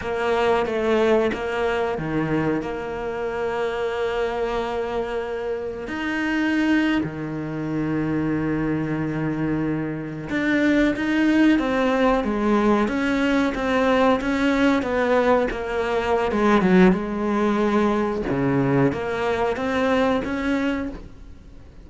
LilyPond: \new Staff \with { instrumentName = "cello" } { \time 4/4 \tempo 4 = 92 ais4 a4 ais4 dis4 | ais1~ | ais4 dis'4.~ dis'16 dis4~ dis16~ | dis2.~ dis8. d'16~ |
d'8. dis'4 c'4 gis4 cis'16~ | cis'8. c'4 cis'4 b4 ais16~ | ais4 gis8 fis8 gis2 | cis4 ais4 c'4 cis'4 | }